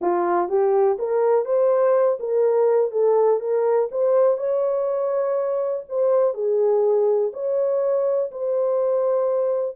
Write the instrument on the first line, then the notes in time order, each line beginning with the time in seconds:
horn
0.01 F4
0.48 G4
0.98 A#4
1.45 C5
2.19 A#4
2.91 A4
3.40 A#4
3.91 C5
4.37 C#5
5.88 C5
6.33 G#4
7.33 C#5
8.31 C5